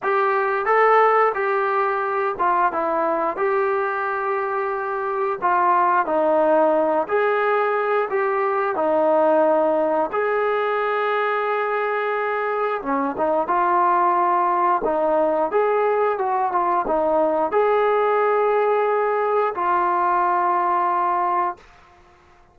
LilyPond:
\new Staff \with { instrumentName = "trombone" } { \time 4/4 \tempo 4 = 89 g'4 a'4 g'4. f'8 | e'4 g'2. | f'4 dis'4. gis'4. | g'4 dis'2 gis'4~ |
gis'2. cis'8 dis'8 | f'2 dis'4 gis'4 | fis'8 f'8 dis'4 gis'2~ | gis'4 f'2. | }